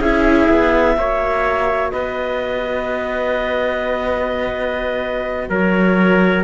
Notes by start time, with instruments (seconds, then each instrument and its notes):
0.00 cello C#4, viola E4, trumpet G#4, clarinet E5
0.50 cello B3
0.97 cello A#3, viola F#4, trumpet C#5
1.91 cello B3, trumpet B4, clarinet D#5
5.50 cello F#3, trumpet A#4, clarinet C#5